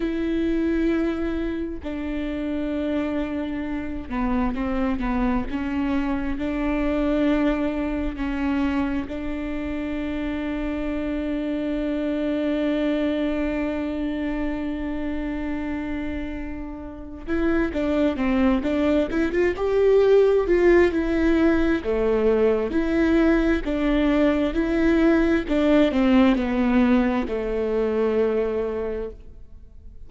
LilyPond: \new Staff \with { instrumentName = "viola" } { \time 4/4 \tempo 4 = 66 e'2 d'2~ | d'8 b8 c'8 b8 cis'4 d'4~ | d'4 cis'4 d'2~ | d'1~ |
d'2. e'8 d'8 | c'8 d'8 e'16 f'16 g'4 f'8 e'4 | a4 e'4 d'4 e'4 | d'8 c'8 b4 a2 | }